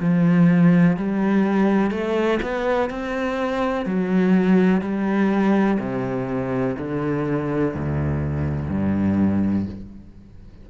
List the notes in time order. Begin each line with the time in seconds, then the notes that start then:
0.00 F3
0.97 G3
1.91 A3
2.42 B3
2.90 C4
3.86 F#3
4.81 G3
5.79 C3
6.78 D3
7.75 D2
8.70 G2